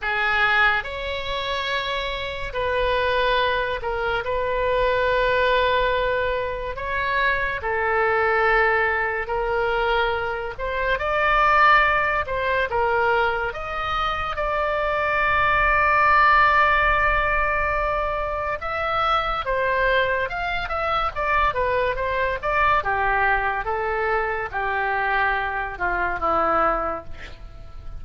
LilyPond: \new Staff \with { instrumentName = "oboe" } { \time 4/4 \tempo 4 = 71 gis'4 cis''2 b'4~ | b'8 ais'8 b'2. | cis''4 a'2 ais'4~ | ais'8 c''8 d''4. c''8 ais'4 |
dis''4 d''2.~ | d''2 e''4 c''4 | f''8 e''8 d''8 b'8 c''8 d''8 g'4 | a'4 g'4. f'8 e'4 | }